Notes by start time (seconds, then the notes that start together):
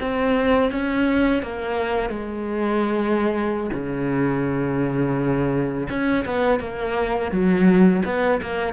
0.00 C4
0.71 C#4
1.42 A#3
2.09 G#3
3.73 C#3
5.89 C#4
6.25 B3
6.60 A#3
7.31 F#3
8.05 B3
8.42 A#3